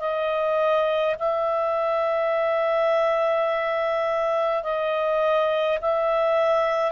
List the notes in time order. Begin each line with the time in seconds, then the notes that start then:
0.00 D#5
1.20 E5
4.64 D#5
5.82 E5